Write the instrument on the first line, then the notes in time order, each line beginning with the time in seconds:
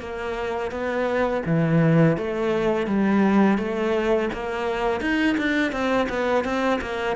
cello
0.00 A#3
0.71 B3
1.45 E3
2.17 A3
2.87 G3
3.58 A3
4.33 A#3
5.01 D#4
5.37 D4
5.72 C4
6.09 B3
6.44 C4
6.81 A#3